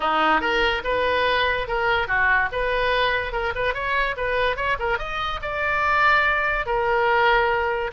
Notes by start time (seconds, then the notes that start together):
0.00 D#4
0.40 A#4
0.84 B4
1.67 A#4
2.07 F#4
2.52 B4
3.32 A#4
3.55 B4
3.74 C#5
4.17 B4
4.56 C#5
4.79 A#4
4.98 D#5
5.41 D5
6.66 A#4